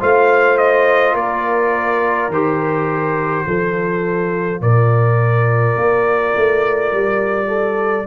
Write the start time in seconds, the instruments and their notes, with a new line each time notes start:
0.00 tuba A3, trombone F4, horn C5, trumpet F5
0.58 trumpet D#5
1.14 tuba A#3, horn A#4, trumpet D5
2.29 tuba D#3, trombone G4, trumpet C5
3.47 tuba F3, trombone F4, horn A4
4.61 tuba A#2, horn A#4, trumpet D5
5.76 tuba A#3
6.36 tuba A3
6.93 tuba G3
7.48 horn A4